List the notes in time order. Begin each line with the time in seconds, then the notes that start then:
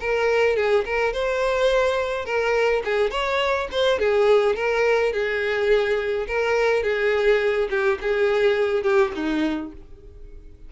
0.00 A#4
0.56 G#4
0.85 A#4
1.13 C5
2.25 A#4
2.84 G#4
3.11 C#5
3.71 C5
3.99 G#4
4.56 A#4
5.12 G#4
6.27 A#4
6.83 G#4
7.70 G4
8.01 G#4
8.83 G4
9.15 D#4